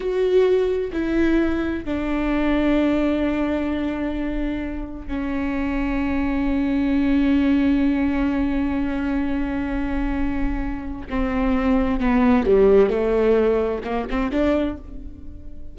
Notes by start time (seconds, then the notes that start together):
0.00 F#4
0.92 E4
1.85 D4
5.07 C#4
11.09 C4
11.99 B3
12.46 G3
12.89 A3
13.84 A#3
14.10 C4
14.31 D4